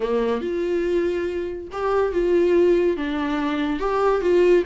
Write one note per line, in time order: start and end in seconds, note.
0.00 0.41 A#3
0.41 1.68 F4
1.72 2.12 G4
2.12 2.96 F4
2.96 3.79 D4
3.79 4.21 G4
4.21 4.63 F4